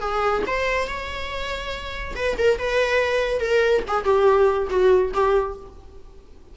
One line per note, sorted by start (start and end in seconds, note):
0.00 0.42 G#4
0.46 0.87 C5
0.87 2.14 C#5
2.15 2.36 B4
2.38 2.58 A#4
2.58 3.40 B4
3.40 3.82 A#4
3.88 4.04 G#4
4.04 4.68 G4
4.70 5.12 F#4
5.13 5.56 G4